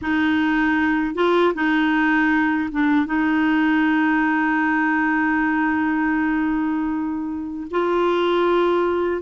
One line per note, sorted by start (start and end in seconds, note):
0.01 1.15 D#4
1.15 1.53 F4
1.54 2.69 D#4
2.71 3.06 D4
3.06 7.67 D#4
7.70 9.22 F4